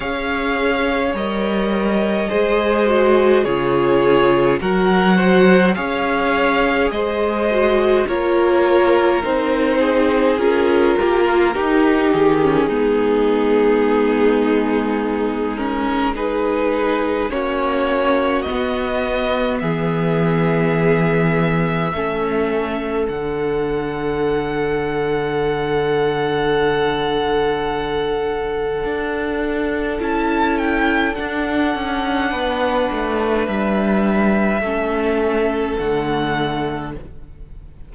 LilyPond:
<<
  \new Staff \with { instrumentName = "violin" } { \time 4/4 \tempo 4 = 52 f''4 dis''2 cis''4 | fis''4 f''4 dis''4 cis''4 | c''4 ais'4. gis'4.~ | gis'4. ais'8 b'4 cis''4 |
dis''4 e''2. | fis''1~ | fis''2 a''8 g''8 fis''4~ | fis''4 e''2 fis''4 | }
  \new Staff \with { instrumentName = "violin" } { \time 4/4 cis''2 c''4 gis'4 | ais'8 c''8 cis''4 c''4 ais'4~ | ais'8 gis'4 g'16 f'16 g'4 dis'4~ | dis'2 gis'4 fis'4~ |
fis'4 gis'2 a'4~ | a'1~ | a'1 | b'2 a'2 | }
  \new Staff \with { instrumentName = "viola" } { \time 4/4 gis'4 ais'4 gis'8 fis'8 f'4 | fis'4 gis'4. fis'8 f'4 | dis'4 f'4 dis'8. cis'16 b4~ | b4. cis'8 dis'4 cis'4 |
b2. cis'4 | d'1~ | d'2 e'4 d'4~ | d'2 cis'4 a4 | }
  \new Staff \with { instrumentName = "cello" } { \time 4/4 cis'4 g4 gis4 cis4 | fis4 cis'4 gis4 ais4 | c'4 cis'8 ais8 dis'8 dis8 gis4~ | gis2. ais4 |
b4 e2 a4 | d1~ | d4 d'4 cis'4 d'8 cis'8 | b8 a8 g4 a4 d4 | }
>>